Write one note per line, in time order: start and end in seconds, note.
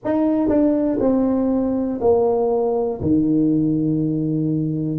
0.04 0.48 D#4
0.48 0.98 D4
1.00 2.00 C4
2.00 3.00 A#3
3.01 4.99 D#3